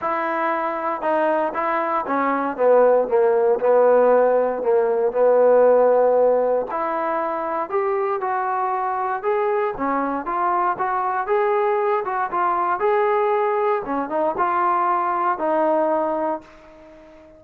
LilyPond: \new Staff \with { instrumentName = "trombone" } { \time 4/4 \tempo 4 = 117 e'2 dis'4 e'4 | cis'4 b4 ais4 b4~ | b4 ais4 b2~ | b4 e'2 g'4 |
fis'2 gis'4 cis'4 | f'4 fis'4 gis'4. fis'8 | f'4 gis'2 cis'8 dis'8 | f'2 dis'2 | }